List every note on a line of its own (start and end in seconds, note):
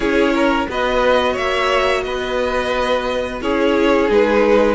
0.00 0.66 C#4
0.00 0.68 E4
0.00 0.33 G#4
0.00 0.68 C#5
0.34 0.68 A#4
0.68 1.36 B3
0.68 3.41 F#4
0.68 1.33 B4
0.68 1.37 D#5
1.33 2.05 A#3
1.33 2.01 C#5
1.33 2.03 E5
2.03 3.41 B3
2.03 3.42 B4
2.03 3.39 D#5
3.41 4.09 C#4
3.41 4.08 E4
3.41 4.75 G#4
3.41 4.10 C#5
4.08 4.75 G#3
4.08 4.75 D#4
4.08 4.75 B4